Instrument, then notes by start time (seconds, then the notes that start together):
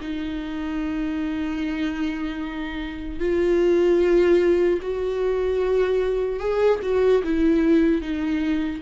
viola
0.00 D#4
3.19 F4
4.81 F#4
6.39 G#4
6.82 F#4
7.23 E4
8.01 D#4